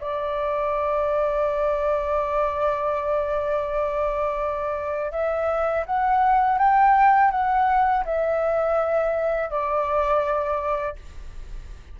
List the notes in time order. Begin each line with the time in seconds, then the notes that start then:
0.00 D5
5.11 E5
5.85 F#5
6.58 G5
7.31 F#5
8.05 E5
9.49 D5